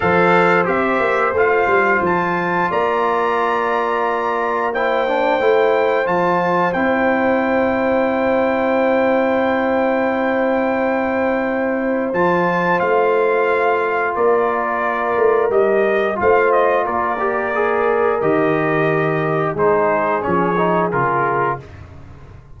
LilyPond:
<<
  \new Staff \with { instrumentName = "trumpet" } { \time 4/4 \tempo 4 = 89 f''4 e''4 f''4 a''4 | ais''2. g''4~ | g''4 a''4 g''2~ | g''1~ |
g''2 a''4 f''4~ | f''4 d''2 dis''4 | f''8 dis''8 d''2 dis''4~ | dis''4 c''4 cis''4 ais'4 | }
  \new Staff \with { instrumentName = "horn" } { \time 4/4 c''1 | d''2. c''4~ | c''1~ | c''1~ |
c''1~ | c''4 ais'2. | c''4 ais'2.~ | ais'4 gis'2. | }
  \new Staff \with { instrumentName = "trombone" } { \time 4/4 a'4 g'4 f'2~ | f'2. e'8 d'8 | e'4 f'4 e'2~ | e'1~ |
e'2 f'2~ | f'2. g'4 | f'4. g'8 gis'4 g'4~ | g'4 dis'4 cis'8 dis'8 f'4 | }
  \new Staff \with { instrumentName = "tuba" } { \time 4/4 f4 c'8 ais8 a8 g8 f4 | ais1 | a4 f4 c'2~ | c'1~ |
c'2 f4 a4~ | a4 ais4. a8 g4 | a4 ais2 dis4~ | dis4 gis4 f4 cis4 | }
>>